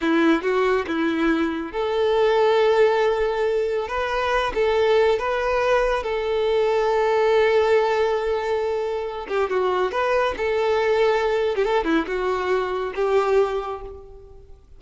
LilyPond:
\new Staff \with { instrumentName = "violin" } { \time 4/4 \tempo 4 = 139 e'4 fis'4 e'2 | a'1~ | a'4 b'4. a'4. | b'2 a'2~ |
a'1~ | a'4. g'8 fis'4 b'4 | a'2~ a'8. g'16 a'8 e'8 | fis'2 g'2 | }